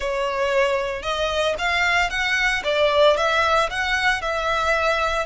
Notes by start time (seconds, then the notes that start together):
0.00 C#5
1.02 D#5
1.58 F5
2.10 F#5
2.64 D5
3.17 E5
3.70 F#5
4.21 E5